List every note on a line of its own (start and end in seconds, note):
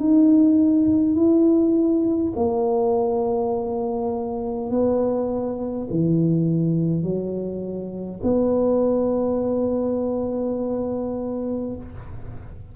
0.00 1.16 D#4
1.16 2.33 E4
2.36 4.71 A#3
4.71 5.88 B3
5.90 7.03 E3
7.03 8.21 F#3
8.24 11.76 B3